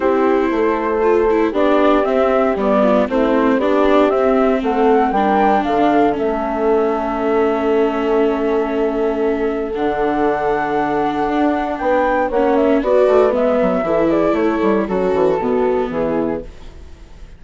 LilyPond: <<
  \new Staff \with { instrumentName = "flute" } { \time 4/4 \tempo 4 = 117 c''2. d''4 | e''4 d''4 c''4 d''4 | e''4 fis''4 g''4 f''4 | e''1~ |
e''2. fis''4~ | fis''2. g''4 | fis''8 e''8 d''4 e''4. d''8 | cis''4 a'2 gis'4 | }
  \new Staff \with { instrumentName = "horn" } { \time 4/4 g'4 a'2 g'4~ | g'4. f'8 e'4 g'4~ | g'4 a'4 ais'4 a'4~ | a'1~ |
a'1~ | a'2. b'4 | cis''4 b'2 a'8 gis'8 | a'4 cis'4 fis'4 e'4 | }
  \new Staff \with { instrumentName = "viola" } { \time 4/4 e'2 f'8 e'8 d'4 | c'4 b4 c'4 d'4 | c'2 d'2 | cis'1~ |
cis'2. d'4~ | d'1 | cis'4 fis'4 b4 e'4~ | e'4 fis'4 b2 | }
  \new Staff \with { instrumentName = "bassoon" } { \time 4/4 c'4 a2 b4 | c'4 g4 a4 b4 | c'4 a4 g4 d4 | a1~ |
a2. d4~ | d2 d'4 b4 | ais4 b8 a8 gis8 fis8 e4 | a8 g8 fis8 e8 b,4 e4 | }
>>